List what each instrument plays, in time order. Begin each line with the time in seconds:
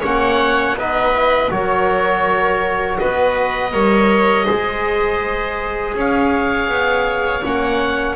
0.00 double bass A#3, trombone C#4, viola C#5, oboe F#5
0.74 double bass B3, trombone D#4, viola B4, oboe D#5
1.14 trombone E4
1.50 double bass F#3, trombone F#4, viola A#4, oboe C#5
2.98 double bass B3, viola B4, oboe D#5
3.72 double bass G3, trombone A#4, viola C#5
4.45 double bass G#3, trombone G#4, viola C5
5.94 double bass C#4, viola C#5, oboe F5
6.68 double bass B3
7.44 double bass A#3, trombone C#4, oboe F#5